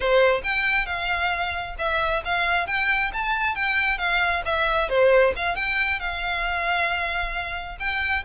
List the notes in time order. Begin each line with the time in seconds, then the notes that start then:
0.00 C5
0.43 G5
0.86 F5
1.78 E5
2.24 F5
2.66 G5
3.13 A5
3.55 G5
3.98 F5
4.45 E5
4.89 C5
5.36 F5
5.55 G5
5.99 F5
7.79 G5